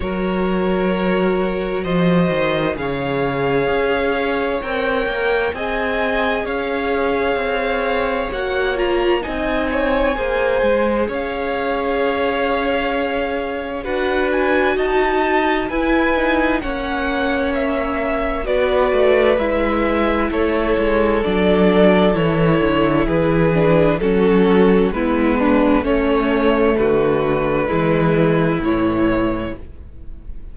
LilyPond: <<
  \new Staff \with { instrumentName = "violin" } { \time 4/4 \tempo 4 = 65 cis''2 dis''4 f''4~ | f''4 g''4 gis''4 f''4~ | f''4 fis''8 ais''8 gis''2 | f''2. fis''8 gis''8 |
a''4 gis''4 fis''4 e''4 | d''4 e''4 cis''4 d''4 | cis''4 b'4 a'4 b'4 | cis''4 b'2 cis''4 | }
  \new Staff \with { instrumentName = "violin" } { \time 4/4 ais'2 c''4 cis''4~ | cis''2 dis''4 cis''4~ | cis''2 dis''8 cis''8 c''4 | cis''2. b'4 |
dis''4 b'4 cis''2 | b'2 a'2~ | a'4 gis'4 fis'4 e'8 d'8 | cis'4 fis'4 e'2 | }
  \new Staff \with { instrumentName = "viola" } { \time 4/4 fis'2. gis'4~ | gis'4 ais'4 gis'2~ | gis'4 fis'8 f'8 dis'4 gis'4~ | gis'2. fis'4~ |
fis'4 e'8 dis'8 cis'2 | fis'4 e'2 d'4 | e'4. d'8 cis'4 b4 | a2 gis4 e4 | }
  \new Staff \with { instrumentName = "cello" } { \time 4/4 fis2 f8 dis8 cis4 | cis'4 c'8 ais8 c'4 cis'4 | c'4 ais4 c'4 ais8 gis8 | cis'2. d'4 |
dis'4 e'4 ais2 | b8 a8 gis4 a8 gis8 fis4 | e8 d8 e4 fis4 gis4 | a4 d4 e4 a,4 | }
>>